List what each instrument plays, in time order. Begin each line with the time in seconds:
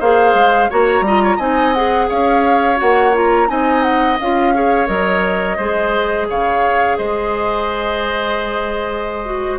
0.00 bassoon A#3, clarinet G#4, oboe C5, flute F5
0.34 bassoon G#3
0.70 bassoon A#3, clarinet F#4, oboe C#5, flute A#5
1.01 bassoon G3, clarinet F4, oboe D#5
1.24 oboe C#5
1.36 bassoon C4, clarinet D#4, oboe D#5, flute G#5
1.74 clarinet G#4, flute F#5
2.09 bassoon C#4, oboe C#5, flute F5
2.76 bassoon A#3, clarinet F#4, flute F#5
3.13 clarinet F4, flute A#5
3.48 bassoon C4, clarinet D#4, oboe D#5, flute G#5
3.83 flute F#5
4.20 bassoon C#4, clarinet F4, flute F5
4.55 clarinet G#4, oboe C#5
4.87 bassoon F#3, clarinet A#4, flute D#5
5.57 bassoon G#3, clarinet G#4, oboe C5
6.30 bassoon C#3, oboe C#5, flute F5
6.97 bassoon G#3, oboe C5, flute D#5
9.25 clarinet F#4